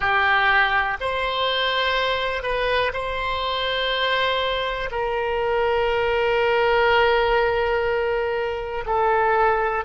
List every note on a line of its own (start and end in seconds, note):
0.00 0.97 G4
1.00 2.42 C5
2.42 2.92 B4
2.92 4.89 C5
4.91 8.84 A#4
8.86 9.84 A4